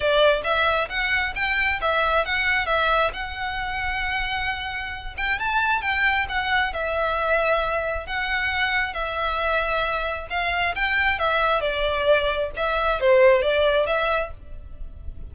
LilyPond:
\new Staff \with { instrumentName = "violin" } { \time 4/4 \tempo 4 = 134 d''4 e''4 fis''4 g''4 | e''4 fis''4 e''4 fis''4~ | fis''2.~ fis''8 g''8 | a''4 g''4 fis''4 e''4~ |
e''2 fis''2 | e''2. f''4 | g''4 e''4 d''2 | e''4 c''4 d''4 e''4 | }